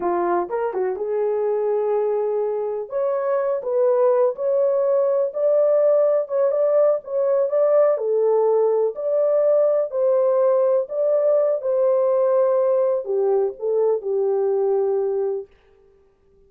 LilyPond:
\new Staff \with { instrumentName = "horn" } { \time 4/4 \tempo 4 = 124 f'4 ais'8 fis'8 gis'2~ | gis'2 cis''4. b'8~ | b'4 cis''2 d''4~ | d''4 cis''8 d''4 cis''4 d''8~ |
d''8 a'2 d''4.~ | d''8 c''2 d''4. | c''2. g'4 | a'4 g'2. | }